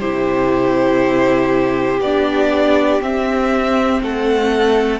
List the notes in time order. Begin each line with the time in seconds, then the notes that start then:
0.00 C3 E4 G4 C5
2.00 B3 D4 D5
3.01 C4 E5
4.02 A3 A4 F#5